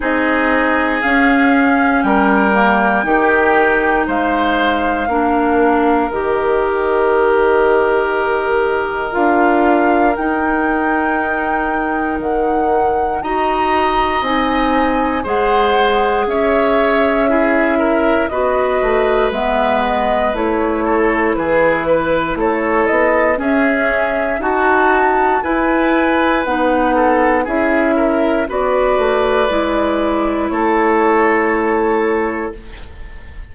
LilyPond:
<<
  \new Staff \with { instrumentName = "flute" } { \time 4/4 \tempo 4 = 59 dis''4 f''4 g''2 | f''2 dis''2~ | dis''4 f''4 g''2 | fis''4 ais''4 gis''4 fis''4 |
e''2 dis''4 e''8 dis''8 | cis''4 b'4 cis''8 dis''8 e''4 | a''4 gis''4 fis''4 e''4 | d''2 cis''2 | }
  \new Staff \with { instrumentName = "oboe" } { \time 4/4 gis'2 ais'4 g'4 | c''4 ais'2.~ | ais'1~ | ais'4 dis''2 c''4 |
cis''4 gis'8 ais'8 b'2~ | b'8 a'8 gis'8 b'8 a'4 gis'4 | fis'4 b'4. a'8 gis'8 ais'8 | b'2 a'2 | }
  \new Staff \with { instrumentName = "clarinet" } { \time 4/4 dis'4 cis'4. ais8 dis'4~ | dis'4 d'4 g'2~ | g'4 f'4 dis'2~ | dis'4 fis'4 dis'4 gis'4~ |
gis'4 e'4 fis'4 b4 | e'2. cis'4 | fis'4 e'4 dis'4 e'4 | fis'4 e'2. | }
  \new Staff \with { instrumentName = "bassoon" } { \time 4/4 c'4 cis'4 g4 dis4 | gis4 ais4 dis2~ | dis4 d'4 dis'2 | dis4 dis'4 c'4 gis4 |
cis'2 b8 a8 gis4 | a4 e4 a8 b8 cis'4 | dis'4 e'4 b4 cis'4 | b8 a8 gis4 a2 | }
>>